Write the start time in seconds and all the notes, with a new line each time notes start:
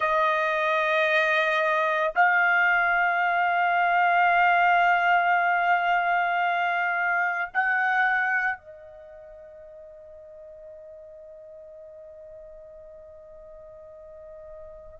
0.00 D#5
2.15 F5
7.53 F#5
8.58 D#5